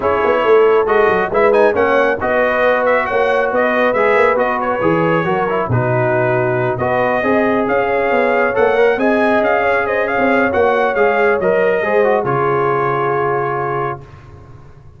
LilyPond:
<<
  \new Staff \with { instrumentName = "trumpet" } { \time 4/4 \tempo 4 = 137 cis''2 dis''4 e''8 gis''8 | fis''4 dis''4. e''8 fis''4 | dis''4 e''4 dis''8 cis''4.~ | cis''4 b'2~ b'8 dis''8~ |
dis''4. f''2 fis''8~ | fis''8 gis''4 f''4 dis''8 f''4 | fis''4 f''4 dis''2 | cis''1 | }
  \new Staff \with { instrumentName = "horn" } { \time 4/4 gis'4 a'2 b'4 | cis''4 b'2 cis''4 | b'1 | ais'4 fis'2~ fis'8 b'8~ |
b'8 dis''4 cis''2~ cis''8~ | cis''8 dis''4. cis''8 c''8 cis''4~ | cis''2. c''4 | gis'1 | }
  \new Staff \with { instrumentName = "trombone" } { \time 4/4 e'2 fis'4 e'8 dis'8 | cis'4 fis'2.~ | fis'4 gis'4 fis'4 gis'4 | fis'8 e'8 dis'2~ dis'8 fis'8~ |
fis'8 gis'2. a'8 | ais'8 gis'2.~ gis'8 | fis'4 gis'4 ais'4 gis'8 fis'8 | f'1 | }
  \new Staff \with { instrumentName = "tuba" } { \time 4/4 cis'8 b8 a4 gis8 fis8 gis4 | ais4 b2 ais4 | b4 gis8 ais8 b4 e4 | fis4 b,2~ b,8 b8~ |
b8 c'4 cis'4 b4 ais8~ | ais8 c'4 cis'4.~ cis'16 c'8. | ais4 gis4 fis4 gis4 | cis1 | }
>>